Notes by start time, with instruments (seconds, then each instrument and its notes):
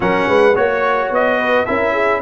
0.00 tuba F#3, trombone C#4, horn A#4, trumpet F#5
0.27 tuba G#3, horn B4
0.55 tuba A#3, trombone F#4, horn C#5, trumpet C#5
1.10 tuba B3, trumpet D#5
1.39 horn B4
1.65 tuba C#4, trombone E4, horn A#4, trumpet E5
1.92 horn G#4